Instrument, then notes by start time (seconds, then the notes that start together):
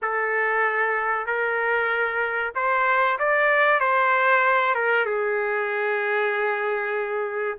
trumpet
0.01 A4
1.26 A#4
2.55 C5
3.18 D5
3.80 C5
4.75 A#4
5.05 G#4